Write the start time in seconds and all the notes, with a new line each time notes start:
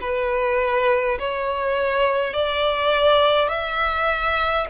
0.00 B4
1.19 C#5
2.33 D5
3.49 E5